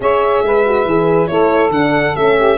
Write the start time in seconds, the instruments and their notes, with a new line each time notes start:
0.00 tuba C#4, horn G#4, saxophone C#5, violin E5
0.42 tuba G#3, saxophone B4
0.66 horn F#4
0.85 tuba E3, horn G#4
1.27 tuba A3, horn E4, saxophone A4, violin C#5
1.70 tuba D3, horn D4, violin F#5
2.15 tuba A3, horn C#4, violin E5
2.36 saxophone G4